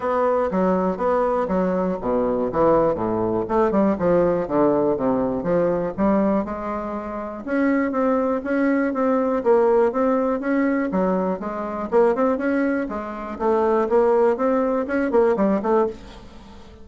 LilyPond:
\new Staff \with { instrumentName = "bassoon" } { \time 4/4 \tempo 4 = 121 b4 fis4 b4 fis4 | b,4 e4 a,4 a8 g8 | f4 d4 c4 f4 | g4 gis2 cis'4 |
c'4 cis'4 c'4 ais4 | c'4 cis'4 fis4 gis4 | ais8 c'8 cis'4 gis4 a4 | ais4 c'4 cis'8 ais8 g8 a8 | }